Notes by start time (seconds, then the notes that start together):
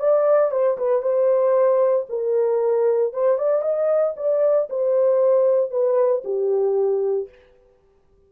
0.00 D5
0.51 C5
0.78 B4
1.02 C5
2.10 A#4
3.14 C5
3.38 D5
3.62 D#5
4.17 D5
4.70 C5
5.71 B4
6.25 G4